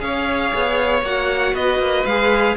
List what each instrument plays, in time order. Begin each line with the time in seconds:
0.00 cello C#4, viola G#4, violin C#5 F5
0.55 cello B3
1.02 cello A#3, viola F#4, violin F#5
1.53 cello B3, violin B4 D#5
1.78 cello A#3
2.05 cello G#3, viola G#4, violin F5